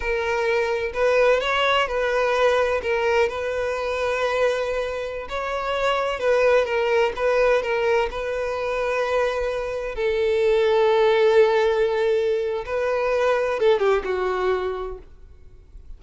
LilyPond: \new Staff \with { instrumentName = "violin" } { \time 4/4 \tempo 4 = 128 ais'2 b'4 cis''4 | b'2 ais'4 b'4~ | b'2.~ b'16 cis''8.~ | cis''4~ cis''16 b'4 ais'4 b'8.~ |
b'16 ais'4 b'2~ b'8.~ | b'4~ b'16 a'2~ a'8.~ | a'2. b'4~ | b'4 a'8 g'8 fis'2 | }